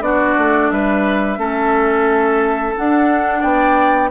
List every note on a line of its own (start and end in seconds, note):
0.00 0.34 B3
0.00 1.37 D4
0.00 0.72 F#4
0.00 0.70 D5
0.38 0.71 A3
0.70 1.37 G3
0.70 1.38 B4
0.70 2.75 E5
1.37 2.74 A3
1.37 2.74 C#4
1.37 3.40 A4
2.76 4.11 D4
2.76 3.43 D4
2.76 3.42 F#5
3.40 4.11 B3
3.40 4.08 D5
3.40 4.10 G5